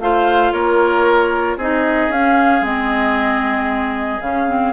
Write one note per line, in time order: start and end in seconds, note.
0.00 0.53 A3
0.00 1.59 F4
0.00 0.53 C5
0.00 0.53 F5
0.53 1.57 A#3
0.53 1.57 A#4
0.53 1.58 C#5
1.57 2.09 C4
1.57 2.12 D#4
1.57 4.73 G#4
1.57 2.12 D#5
2.09 2.61 C#4
2.09 2.62 C#4
2.09 2.65 F5
2.62 4.19 G#3
2.62 4.20 C4
2.62 4.21 D#5
4.21 4.73 C#3
4.21 4.47 C#4
4.21 4.73 F5
4.47 4.73 C4